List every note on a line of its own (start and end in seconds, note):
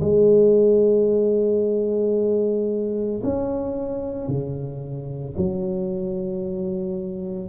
0.00 3.21 G#3
3.23 4.28 C#4
4.28 5.35 C#3
5.37 7.49 F#3